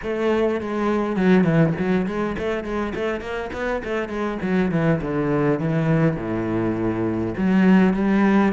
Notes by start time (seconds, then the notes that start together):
0.03 A3
0.60 G#3
1.16 F#3
1.44 E3
1.79 F#3
2.06 G#3
2.38 A3
2.63 G#3
2.94 A3
3.21 A#3
3.52 B3
3.84 A3
4.08 G#3
4.41 F#3
4.71 E3
5.01 D3
5.59 E3
6.16 A2
7.37 F#3
7.93 G3